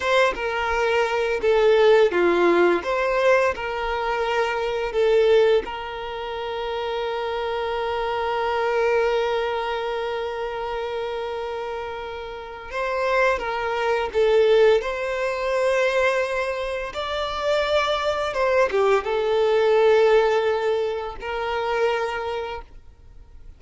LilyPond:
\new Staff \with { instrumentName = "violin" } { \time 4/4 \tempo 4 = 85 c''8 ais'4. a'4 f'4 | c''4 ais'2 a'4 | ais'1~ | ais'1~ |
ais'2 c''4 ais'4 | a'4 c''2. | d''2 c''8 g'8 a'4~ | a'2 ais'2 | }